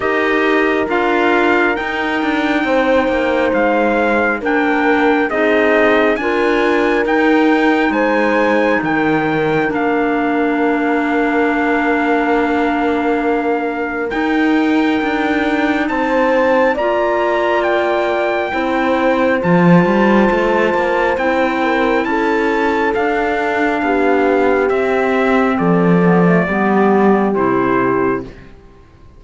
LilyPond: <<
  \new Staff \with { instrumentName = "trumpet" } { \time 4/4 \tempo 4 = 68 dis''4 f''4 g''2 | f''4 g''4 dis''4 gis''4 | g''4 gis''4 g''4 f''4~ | f''1 |
g''2 a''4 ais''4 | g''2 a''2 | g''4 a''4 f''2 | e''4 d''2 c''4 | }
  \new Staff \with { instrumentName = "horn" } { \time 4/4 ais'2. c''4~ | c''4 ais'4 gis'4 ais'4~ | ais'4 c''4 ais'2~ | ais'1~ |
ais'2 c''4 d''4~ | d''4 c''2.~ | c''8 ais'8 a'2 g'4~ | g'4 a'4 g'2 | }
  \new Staff \with { instrumentName = "clarinet" } { \time 4/4 g'4 f'4 dis'2~ | dis'4 d'4 dis'4 f'4 | dis'2. d'4~ | d'1 |
dis'2. f'4~ | f'4 e'4 f'2 | e'2 d'2 | c'4. b16 a16 b4 e'4 | }
  \new Staff \with { instrumentName = "cello" } { \time 4/4 dis'4 d'4 dis'8 d'8 c'8 ais8 | gis4 ais4 c'4 d'4 | dis'4 gis4 dis4 ais4~ | ais1 |
dis'4 d'4 c'4 ais4~ | ais4 c'4 f8 g8 a8 ais8 | c'4 cis'4 d'4 b4 | c'4 f4 g4 c4 | }
>>